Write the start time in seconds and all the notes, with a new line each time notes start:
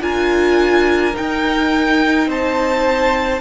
0.00 D4 F4 A#4 G#5
1.13 D#4 G5
2.27 C4 C5 A5